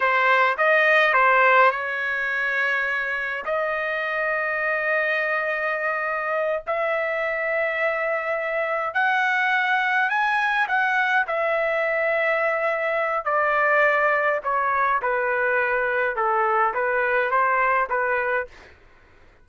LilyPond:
\new Staff \with { instrumentName = "trumpet" } { \time 4/4 \tempo 4 = 104 c''4 dis''4 c''4 cis''4~ | cis''2 dis''2~ | dis''2.~ dis''8 e''8~ | e''2.~ e''8 fis''8~ |
fis''4. gis''4 fis''4 e''8~ | e''2. d''4~ | d''4 cis''4 b'2 | a'4 b'4 c''4 b'4 | }